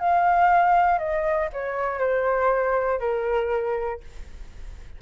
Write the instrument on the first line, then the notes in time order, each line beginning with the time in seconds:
flute
0.00 F5
0.99 D#5
1.53 C#5
1.99 C5
3.00 A#4